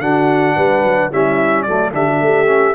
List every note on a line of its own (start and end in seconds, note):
0.00 0.55 D3
0.00 1.12 D4
0.00 0.56 F#4
0.00 1.11 F#5
0.56 0.84 G3
0.56 1.10 B4
0.84 1.11 F#3
1.10 1.67 G3
1.10 1.68 C#4
1.10 1.65 E4
1.10 1.63 E5
1.63 1.94 F#3
1.63 1.92 A3
1.63 1.94 A4
1.63 1.90 D5
1.92 2.21 D3
1.92 2.46 D4
1.92 2.08 G4
1.92 2.76 E5
2.08 2.22 F#4
2.21 2.76 A3
2.21 2.76 G4
2.46 2.74 C#4